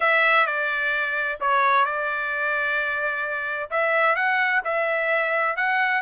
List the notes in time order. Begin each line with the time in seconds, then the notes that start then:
0.00 E5
0.46 D5
1.40 C#5
1.85 D5
3.70 E5
4.15 F#5
4.64 E5
5.56 F#5